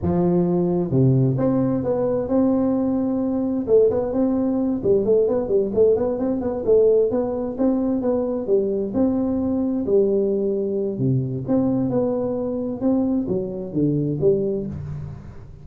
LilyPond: \new Staff \with { instrumentName = "tuba" } { \time 4/4 \tempo 4 = 131 f2 c4 c'4 | b4 c'2. | a8 b8 c'4. g8 a8 b8 | g8 a8 b8 c'8 b8 a4 b8~ |
b8 c'4 b4 g4 c'8~ | c'4. g2~ g8 | c4 c'4 b2 | c'4 fis4 d4 g4 | }